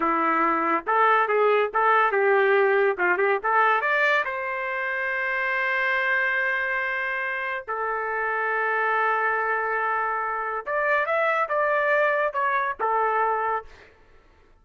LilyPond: \new Staff \with { instrumentName = "trumpet" } { \time 4/4 \tempo 4 = 141 e'2 a'4 gis'4 | a'4 g'2 f'8 g'8 | a'4 d''4 c''2~ | c''1~ |
c''2 a'2~ | a'1~ | a'4 d''4 e''4 d''4~ | d''4 cis''4 a'2 | }